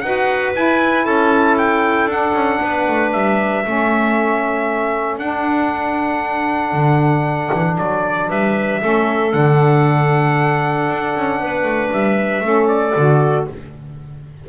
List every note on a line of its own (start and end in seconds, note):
0.00 0.54 D#4
0.00 0.55 F#4
0.00 1.05 B4
0.00 0.52 F#5
0.55 2.09 E4
0.55 1.06 E4
0.55 1.06 G#5
1.05 2.06 C#4
1.05 2.60 A4
1.05 1.57 A5
1.58 2.10 G5
2.06 2.31 D4
2.06 3.64 D4
2.06 3.12 F#5
2.34 2.59 C#4
2.61 2.87 B3
2.61 3.64 B4
2.88 3.14 A3
3.12 3.66 G3
3.12 5.19 E5
3.64 5.18 A3
3.64 5.20 C#4
3.64 8.29 A4
5.18 6.73 D4
5.18 8.81 D4
5.18 7.77 F#5
6.73 7.50 D3
7.54 7.78 E3
7.78 8.30 F#3
7.78 8.30 D5
8.29 8.82 G3
8.29 8.81 B4
8.29 9.33 E5
8.81 9.34 A3
8.81 9.31 C#4
8.81 11.40 A4
9.31 10.89 D3
9.31 12.41 D4
9.31 11.91 F#5
10.89 11.15 D4
11.16 11.40 C#4
11.40 11.64 B3
11.40 12.45 B4
11.64 11.90 A3
11.92 12.41 G3
11.92 12.68 E5
12.41 12.93 A3
12.41 12.94 C#4
12.41 13.48 A4
12.68 13.45 D5
12.96 13.48 D3
12.96 13.49 F#4